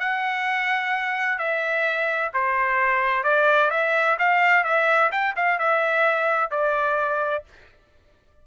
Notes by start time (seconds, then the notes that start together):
0.00 F#5
1.38 E5
2.34 C5
3.24 D5
3.71 E5
4.19 F5
4.64 E5
5.12 G5
5.36 F5
5.59 E5
6.51 D5